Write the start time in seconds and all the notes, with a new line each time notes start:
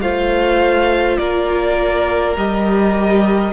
0.00 A3 F4 C5 F5
1.17 A#3 A#4 D5
2.36 G3 G4 D#5